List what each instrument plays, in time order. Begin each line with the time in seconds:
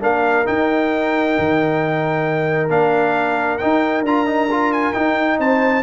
0.00 tuba A#3, trombone D4, horn A#4, trumpet F5
0.45 trombone D#4, tuba D#4, trumpet G5
1.39 tuba D#3
2.69 tuba A#3, trombone D4, trumpet F5
3.58 trombone D#4, tuba D#4, trumpet G5
4.02 tuba D4, trombone F4, trumpet A#5
4.26 trombone D#4
4.51 trombone F4
4.72 trumpet G#5
4.93 trombone D#4, tuba D#4, trumpet G5
5.39 tuba C4, horn C5, trumpet A5